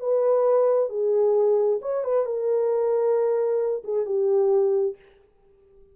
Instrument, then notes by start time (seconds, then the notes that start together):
horn
0.00 B4
0.89 G#4
1.82 C#5
2.04 B4
2.25 A#4
3.84 G#4
4.06 G4